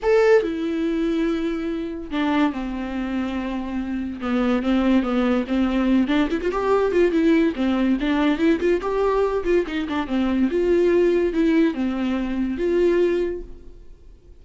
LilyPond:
\new Staff \with { instrumentName = "viola" } { \time 4/4 \tempo 4 = 143 a'4 e'2.~ | e'4 d'4 c'2~ | c'2 b4 c'4 | b4 c'4. d'8 e'16 f'16 g'8~ |
g'8 f'8 e'4 c'4 d'4 | e'8 f'8 g'4. f'8 dis'8 d'8 | c'4 f'2 e'4 | c'2 f'2 | }